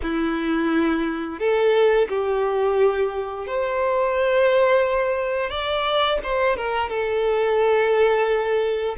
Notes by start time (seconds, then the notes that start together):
0.02 E4
1.39 A4
2.08 G4
3.46 C5
5.50 D5
6.23 C5
6.56 A#4
6.89 A4